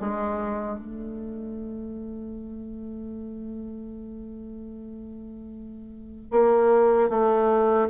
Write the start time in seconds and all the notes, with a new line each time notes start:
0.00 G#3
0.79 A3
6.31 A#3
7.09 A3